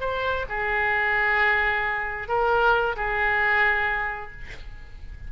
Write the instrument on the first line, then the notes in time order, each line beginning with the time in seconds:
oboe
0.00 C5
0.49 G#4
2.28 A#4
2.96 G#4